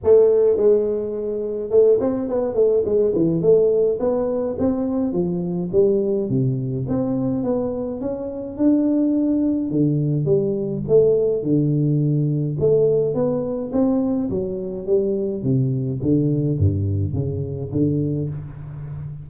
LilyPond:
\new Staff \with { instrumentName = "tuba" } { \time 4/4 \tempo 4 = 105 a4 gis2 a8 c'8 | b8 a8 gis8 e8 a4 b4 | c'4 f4 g4 c4 | c'4 b4 cis'4 d'4~ |
d'4 d4 g4 a4 | d2 a4 b4 | c'4 fis4 g4 c4 | d4 g,4 cis4 d4 | }